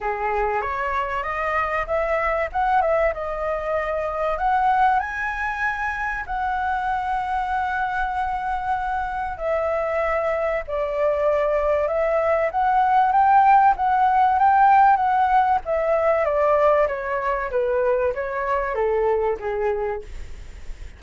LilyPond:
\new Staff \with { instrumentName = "flute" } { \time 4/4 \tempo 4 = 96 gis'4 cis''4 dis''4 e''4 | fis''8 e''8 dis''2 fis''4 | gis''2 fis''2~ | fis''2. e''4~ |
e''4 d''2 e''4 | fis''4 g''4 fis''4 g''4 | fis''4 e''4 d''4 cis''4 | b'4 cis''4 a'4 gis'4 | }